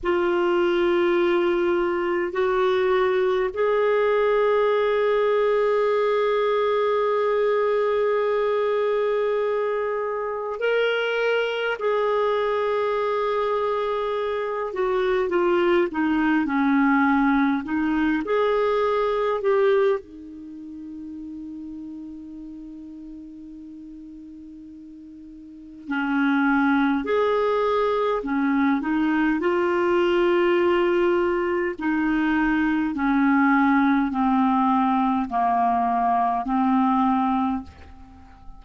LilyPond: \new Staff \with { instrumentName = "clarinet" } { \time 4/4 \tempo 4 = 51 f'2 fis'4 gis'4~ | gis'1~ | gis'4 ais'4 gis'2~ | gis'8 fis'8 f'8 dis'8 cis'4 dis'8 gis'8~ |
gis'8 g'8 dis'2.~ | dis'2 cis'4 gis'4 | cis'8 dis'8 f'2 dis'4 | cis'4 c'4 ais4 c'4 | }